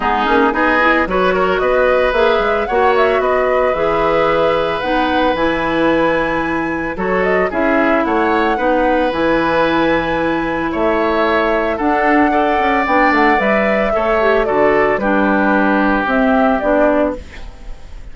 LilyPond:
<<
  \new Staff \with { instrumentName = "flute" } { \time 4/4 \tempo 4 = 112 gis'4 dis''4 cis''4 dis''4 | e''4 fis''8 e''8 dis''4 e''4~ | e''4 fis''4 gis''2~ | gis''4 cis''8 dis''8 e''4 fis''4~ |
fis''4 gis''2. | e''2 fis''2 | g''8 fis''8 e''2 d''4 | b'2 e''4 d''4 | }
  \new Staff \with { instrumentName = "oboe" } { \time 4/4 dis'4 gis'4 b'8 ais'8 b'4~ | b'4 cis''4 b'2~ | b'1~ | b'4 a'4 gis'4 cis''4 |
b'1 | cis''2 a'4 d''4~ | d''2 cis''4 a'4 | g'1 | }
  \new Staff \with { instrumentName = "clarinet" } { \time 4/4 b8 cis'8 dis'8 e'8 fis'2 | gis'4 fis'2 gis'4~ | gis'4 dis'4 e'2~ | e'4 fis'4 e'2 |
dis'4 e'2.~ | e'2 d'4 a'4 | d'4 b'4 a'8 g'8 fis'4 | d'2 c'4 d'4 | }
  \new Staff \with { instrumentName = "bassoon" } { \time 4/4 gis8 ais8 b4 fis4 b4 | ais8 gis8 ais4 b4 e4~ | e4 b4 e2~ | e4 fis4 cis'4 a4 |
b4 e2. | a2 d'4. cis'8 | b8 a8 g4 a4 d4 | g2 c'4 b4 | }
>>